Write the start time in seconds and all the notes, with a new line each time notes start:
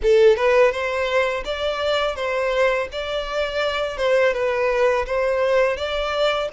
0.02 A4
0.36 B4
0.71 C5
1.45 D5
2.15 C5
2.91 D5
3.97 C5
4.33 B4
5.06 C5
5.76 D5